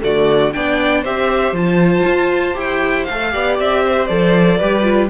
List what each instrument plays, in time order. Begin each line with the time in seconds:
0.00 cello D3, viola A3, violin F#4 D5
0.52 cello B3, viola D4, violin D5 G5
1.01 cello C4, viola G4, violin C5 E5
1.52 cello F3, viola F4, violin A5
2.06 cello F4
2.53 cello E4, viola G4, violin G5
3.04 cello A3, violin F5
3.10 viola A4
3.31 cello B3, viola G4, violin D5
3.59 cello C4, violin E5
3.84 violin C5
4.06 cello F3, viola A4, violin D5
4.58 cello G3, viola G4, violin B4
4.83 viola F4